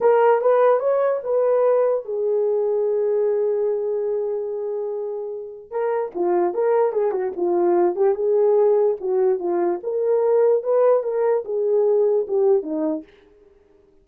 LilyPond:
\new Staff \with { instrumentName = "horn" } { \time 4/4 \tempo 4 = 147 ais'4 b'4 cis''4 b'4~ | b'4 gis'2.~ | gis'1~ | gis'2 ais'4 f'4 |
ais'4 gis'8 fis'8 f'4. g'8 | gis'2 fis'4 f'4 | ais'2 b'4 ais'4 | gis'2 g'4 dis'4 | }